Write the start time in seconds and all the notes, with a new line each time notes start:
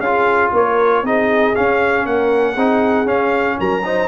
0.00 C#4 F4 G#4 F5
0.53 A#3 A#4 C#5
1.03 C4 D#4 G#4 D#5
1.55 C#4 F5
2.05 A#3 A#4 F#5
2.54 C4 D#4 G#4
3.06 C#4 F5
3.60 F#3 A#4 A#5
3.85 D#4 C5